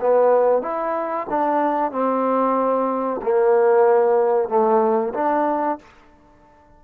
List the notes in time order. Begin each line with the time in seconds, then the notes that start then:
0.00 B3
0.62 E4
1.29 D4
1.91 C4
3.22 A#3
4.48 A3
5.13 D4